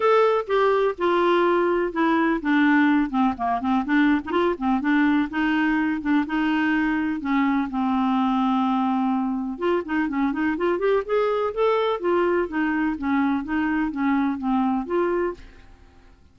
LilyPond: \new Staff \with { instrumentName = "clarinet" } { \time 4/4 \tempo 4 = 125 a'4 g'4 f'2 | e'4 d'4. c'8 ais8 c'8 | d'8. dis'16 f'8 c'8 d'4 dis'4~ | dis'8 d'8 dis'2 cis'4 |
c'1 | f'8 dis'8 cis'8 dis'8 f'8 g'8 gis'4 | a'4 f'4 dis'4 cis'4 | dis'4 cis'4 c'4 f'4 | }